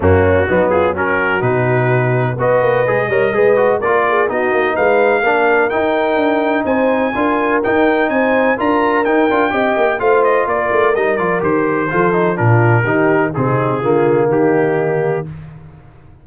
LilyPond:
<<
  \new Staff \with { instrumentName = "trumpet" } { \time 4/4 \tempo 4 = 126 fis'4. gis'8 ais'4 b'4~ | b'4 dis''2. | d''4 dis''4 f''2 | g''2 gis''2 |
g''4 gis''4 ais''4 g''4~ | g''4 f''8 dis''8 d''4 dis''8 d''8 | c''2 ais'2 | gis'2 g'2 | }
  \new Staff \with { instrumentName = "horn" } { \time 4/4 cis'4 dis'8 f'8 fis'2~ | fis'4 b'4. cis''8 b'4 | ais'8 gis'8 fis'4 b'4 ais'4~ | ais'2 c''4 ais'4~ |
ais'4 c''4 ais'2 | dis''4 c''4 ais'2~ | ais'4 a'4 f'4 g'4 | dis'4 f'4 dis'2 | }
  \new Staff \with { instrumentName = "trombone" } { \time 4/4 ais4 b4 cis'4 dis'4~ | dis'4 fis'4 gis'8 ais'8 gis'8 fis'8 | f'4 dis'2 d'4 | dis'2. f'4 |
dis'2 f'4 dis'8 f'8 | g'4 f'2 dis'8 f'8 | g'4 f'8 dis'8 d'4 dis'4 | c'4 ais2. | }
  \new Staff \with { instrumentName = "tuba" } { \time 4/4 fis,4 fis2 b,4~ | b,4 b8 ais8 gis8 g8 gis4 | ais4 b8 ais8 gis4 ais4 | dis'4 d'4 c'4 d'4 |
dis'4 c'4 d'4 dis'8 d'8 | c'8 ais8 a4 ais8 a8 g8 f8 | dis4 f4 ais,4 dis4 | c4 d4 dis2 | }
>>